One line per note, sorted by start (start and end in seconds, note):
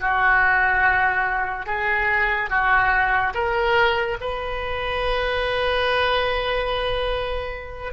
0.00 1.66 F#4
1.66 2.50 G#4
2.50 3.33 F#4
3.34 4.17 A#4
4.20 7.93 B4